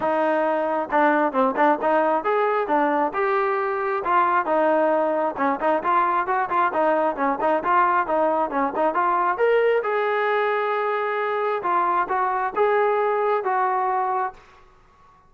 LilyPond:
\new Staff \with { instrumentName = "trombone" } { \time 4/4 \tempo 4 = 134 dis'2 d'4 c'8 d'8 | dis'4 gis'4 d'4 g'4~ | g'4 f'4 dis'2 | cis'8 dis'8 f'4 fis'8 f'8 dis'4 |
cis'8 dis'8 f'4 dis'4 cis'8 dis'8 | f'4 ais'4 gis'2~ | gis'2 f'4 fis'4 | gis'2 fis'2 | }